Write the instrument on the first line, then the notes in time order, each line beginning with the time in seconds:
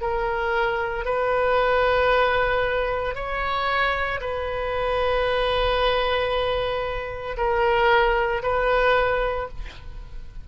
oboe
0.00 A#4
1.05 B4
3.14 C#5
4.20 B4
7.37 A#4
8.42 B4